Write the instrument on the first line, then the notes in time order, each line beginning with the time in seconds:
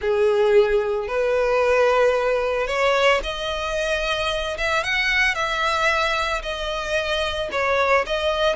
violin
0.01 G#4
1.07 B4
2.67 C#5
3.23 D#5
4.57 E5
4.83 F#5
5.34 E5
6.42 D#5
7.51 C#5
8.06 D#5